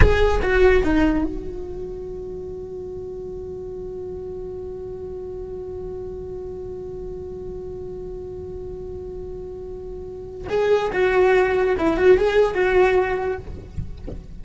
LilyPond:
\new Staff \with { instrumentName = "cello" } { \time 4/4 \tempo 4 = 143 gis'4 fis'4 dis'4 fis'4~ | fis'1~ | fis'1~ | fis'1~ |
fis'1~ | fis'1~ | fis'4 gis'4 fis'2 | e'8 fis'8 gis'4 fis'2 | }